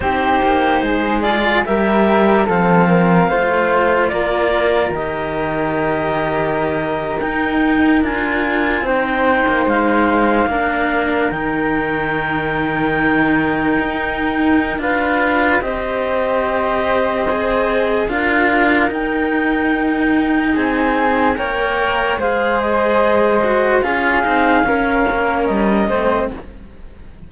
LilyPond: <<
  \new Staff \with { instrumentName = "clarinet" } { \time 4/4 \tempo 4 = 73 c''4. d''8 e''4 f''4~ | f''4 d''4 dis''2~ | dis''8. g''4 gis''4 g''4 f''16~ | f''4.~ f''16 g''2~ g''16~ |
g''2 f''4 dis''4~ | dis''2 f''4 g''4~ | g''4 gis''4 g''4 f''8 dis''8~ | dis''4 f''2 dis''4 | }
  \new Staff \with { instrumentName = "flute" } { \time 4/4 g'4 gis'4 ais'4 a'8 ais'8 | c''4 ais'2.~ | ais'2~ ais'8. c''4~ c''16~ | c''8. ais'2.~ ais'16~ |
ais'2 b'4 c''4~ | c''2 ais'2~ | ais'4 gis'4 cis''4 c''4~ | c''4 gis'4 ais'4. c''8 | }
  \new Staff \with { instrumentName = "cello" } { \time 4/4 dis'4. f'8 g'4 c'4 | f'2 g'2~ | g'8. dis'4 f'4 dis'4~ dis'16~ | dis'8. d'4 dis'2~ dis'16~ |
dis'2 f'4 g'4~ | g'4 gis'4 f'4 dis'4~ | dis'2 ais'4 gis'4~ | gis'8 fis'8 f'8 dis'8 cis'4. c'8 | }
  \new Staff \with { instrumentName = "cello" } { \time 4/4 c'8 ais8 gis4 g4 f4 | a4 ais4 dis2~ | dis8. dis'4 d'4 c'8. ais16 gis16~ | gis8. ais4 dis2~ dis16~ |
dis8. dis'4~ dis'16 d'4 c'4~ | c'2 d'4 dis'4~ | dis'4 c'4 ais4 gis4~ | gis4 cis'8 c'8 cis'8 ais8 g8 a8 | }
>>